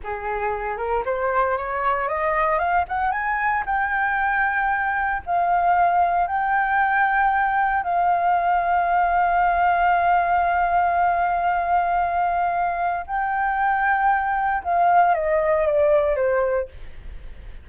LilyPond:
\new Staff \with { instrumentName = "flute" } { \time 4/4 \tempo 4 = 115 gis'4. ais'8 c''4 cis''4 | dis''4 f''8 fis''8 gis''4 g''4~ | g''2 f''2 | g''2. f''4~ |
f''1~ | f''1~ | f''4 g''2. | f''4 dis''4 d''4 c''4 | }